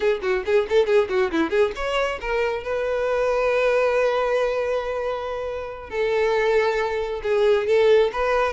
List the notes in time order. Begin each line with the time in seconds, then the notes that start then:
0.00 G#4
0.22 F#4
0.45 G#4
0.69 A4
0.86 G#4
1.09 F#4
1.31 E4
1.50 G#4
1.75 C#5
2.20 A#4
2.63 B4
5.89 A4
7.22 G#4
7.66 A4
8.12 B4